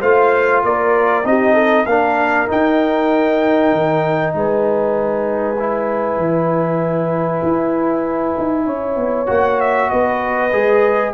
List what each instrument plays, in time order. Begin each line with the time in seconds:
0.00 tuba A3, trombone F4, horn C5, trumpet F5
0.63 tuba A#3, horn A#4, trumpet D5
1.24 tuba C4, trombone D#4, horn G4, trumpet D#5
1.53 horn A4
1.86 tuba A#3, trombone D4, horn A#4, trumpet F5
2.47 trombone D#4, tuba D#4, trumpet G5
3.72 tuba D#3
4.33 tuba G#3, horn B4, trumpet G#5
5.59 trombone E4
6.17 tuba E3
7.43 tuba E4
8.38 tuba D#4
8.66 tuba C#4, horn C#5
8.96 tuba B3
9.26 tuba A#3, trombone F#4, trumpet F#5
9.60 trumpet E5
9.90 tuba B3, horn B4, trumpet D#5
10.52 tuba G#3, trombone G#4